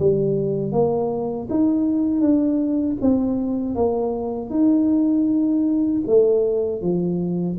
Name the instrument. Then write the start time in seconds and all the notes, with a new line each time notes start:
tuba
0.00 G3
0.72 A#3
1.51 D#4
2.21 D4
3.02 C4
3.76 A#3
4.51 D#4
6.08 A3
6.82 F3